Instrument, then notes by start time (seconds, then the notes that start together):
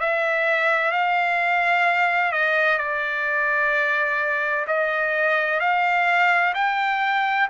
trumpet
0.00 E5
0.92 F5
2.32 D#5
2.78 D5
4.67 D#5
5.60 F5
6.55 G5